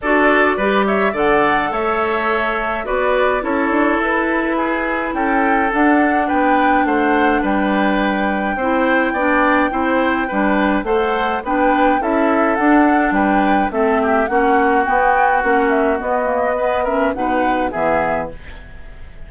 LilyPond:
<<
  \new Staff \with { instrumentName = "flute" } { \time 4/4 \tempo 4 = 105 d''4. e''8 fis''4 e''4~ | e''4 d''4 cis''4 b'4~ | b'4 g''4 fis''4 g''4 | fis''4 g''2.~ |
g''2. fis''4 | g''4 e''4 fis''4 g''4 | e''4 fis''4 g''4 fis''8 e''8 | dis''4. e''8 fis''4 e''4 | }
  \new Staff \with { instrumentName = "oboe" } { \time 4/4 a'4 b'8 cis''8 d''4 cis''4~ | cis''4 b'4 a'2 | gis'4 a'2 b'4 | c''4 b'2 c''4 |
d''4 c''4 b'4 c''4 | b'4 a'2 b'4 | a'8 g'8 fis'2.~ | fis'4 b'8 ais'8 b'4 gis'4 | }
  \new Staff \with { instrumentName = "clarinet" } { \time 4/4 fis'4 g'4 a'2~ | a'4 fis'4 e'2~ | e'2 d'2~ | d'2. e'4 |
d'4 e'4 d'4 a'4 | d'4 e'4 d'2 | c'4 cis'4 b4 cis'4 | b8 ais8 b8 cis'8 dis'4 b4 | }
  \new Staff \with { instrumentName = "bassoon" } { \time 4/4 d'4 g4 d4 a4~ | a4 b4 cis'8 d'8 e'4~ | e'4 cis'4 d'4 b4 | a4 g2 c'4 |
b4 c'4 g4 a4 | b4 cis'4 d'4 g4 | a4 ais4 b4 ais4 | b2 b,4 e4 | }
>>